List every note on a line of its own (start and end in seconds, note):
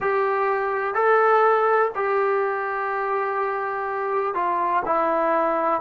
0.00 0.94 G4
0.94 1.91 A4
1.95 4.34 G4
4.34 4.83 F4
4.85 5.81 E4